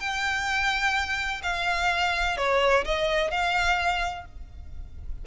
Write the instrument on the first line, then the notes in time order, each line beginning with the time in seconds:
violin
0.00 G5
1.43 F5
2.37 C#5
2.85 D#5
3.31 F5